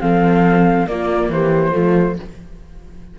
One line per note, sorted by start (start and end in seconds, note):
0.00 0.86 F3
0.00 0.86 C4
0.00 0.89 A4
0.00 0.87 F5
0.86 1.29 A#3
0.86 1.72 A#3
0.86 1.32 F4
0.86 1.31 D5
1.29 1.72 E3
1.29 1.72 G4
1.29 2.19 C5
1.72 2.19 F3
1.72 2.16 A3
1.72 2.16 F4